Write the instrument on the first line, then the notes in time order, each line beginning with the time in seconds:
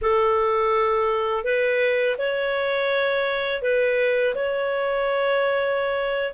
clarinet
0.01 A4
1.44 B4
2.18 C#5
3.61 B4
4.34 C#5